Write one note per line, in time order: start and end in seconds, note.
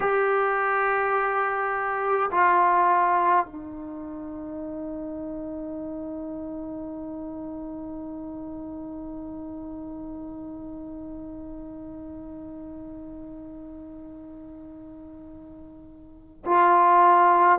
0.00 2.30 G4
2.30 3.46 F4
3.46 16.44 D#4
16.45 17.59 F4